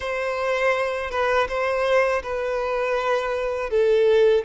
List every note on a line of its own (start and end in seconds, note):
0.00 1.10 C5
1.10 1.47 B4
1.48 2.22 C5
2.23 3.70 B4
3.70 4.44 A4